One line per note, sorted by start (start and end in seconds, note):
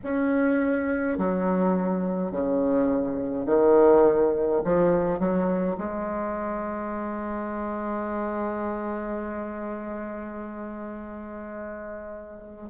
0.03 1.18 C#4
1.18 2.31 F#3
2.31 3.46 C#3
3.46 4.61 D#3
4.64 5.19 F3
5.19 5.76 F#3
5.77 12.69 G#3